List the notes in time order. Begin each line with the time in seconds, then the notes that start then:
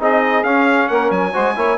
0.00 C4 D#4 G#4 D#5
0.44 C#4 F5
0.88 A#3 A#4 F#5
1.11 F#3 G#5
1.33 G#3 F#4 C5
1.56 A#3 E4 C#5